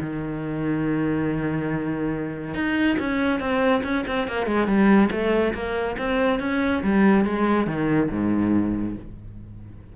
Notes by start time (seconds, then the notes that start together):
0.00 D#3
2.54 D#4
2.99 C#4
3.40 C4
3.83 C#4
4.07 C4
4.27 A#3
4.46 G#3
4.67 G3
5.11 A3
5.54 A#3
5.97 C4
6.39 C#4
6.83 G3
7.25 G#3
7.67 D#3
8.11 G#2